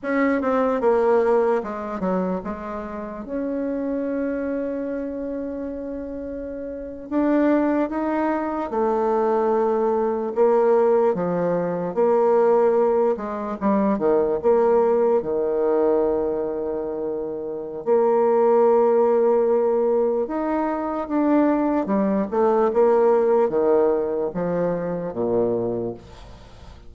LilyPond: \new Staff \with { instrumentName = "bassoon" } { \time 4/4 \tempo 4 = 74 cis'8 c'8 ais4 gis8 fis8 gis4 | cis'1~ | cis'8. d'4 dis'4 a4~ a16~ | a8. ais4 f4 ais4~ ais16~ |
ais16 gis8 g8 dis8 ais4 dis4~ dis16~ | dis2 ais2~ | ais4 dis'4 d'4 g8 a8 | ais4 dis4 f4 ais,4 | }